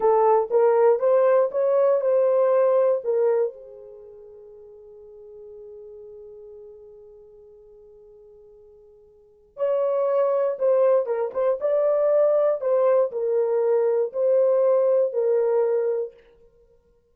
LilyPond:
\new Staff \with { instrumentName = "horn" } { \time 4/4 \tempo 4 = 119 a'4 ais'4 c''4 cis''4 | c''2 ais'4 gis'4~ | gis'1~ | gis'1~ |
gis'2. cis''4~ | cis''4 c''4 ais'8 c''8 d''4~ | d''4 c''4 ais'2 | c''2 ais'2 | }